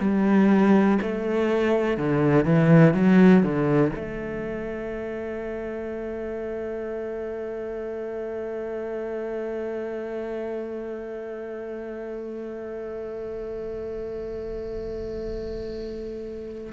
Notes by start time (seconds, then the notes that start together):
0.00 G3
1.02 A3
1.97 D3
2.45 E3
2.94 F#3
3.43 D3
3.96 A3